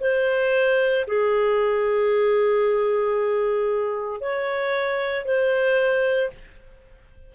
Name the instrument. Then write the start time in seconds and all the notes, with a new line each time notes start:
clarinet
0.00 C5
1.07 G#4
4.20 C#5
5.25 C5